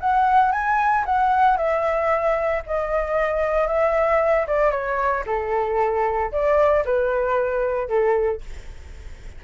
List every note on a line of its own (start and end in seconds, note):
0.00 0.52 F#5
0.52 1.04 G#5
1.05 1.57 F#5
1.57 2.62 E5
2.66 3.67 D#5
3.67 4.46 E5
4.47 4.71 D5
4.71 5.23 C#5
5.26 6.31 A4
6.31 6.84 D5
6.85 7.88 B4
7.88 8.41 A4